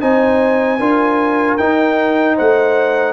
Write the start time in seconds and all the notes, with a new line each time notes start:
0.00 C4 D#4 C5 G#5
0.79 D4 F4 A#4
1.57 D#4 G5
2.34 A3 C5 F#5